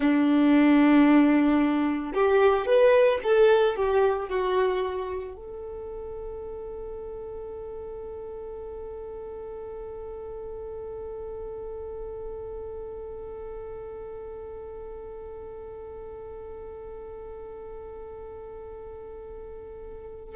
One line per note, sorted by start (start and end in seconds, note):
0.00 2.12 D4
2.14 2.65 G4
2.65 3.19 B4
3.23 3.75 A4
3.75 4.29 G4
4.29 5.36 F#4
5.36 20.35 A4